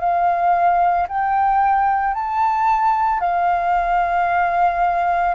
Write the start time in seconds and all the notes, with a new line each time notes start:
0.00 F5
1.09 G5
2.14 A5
3.20 F5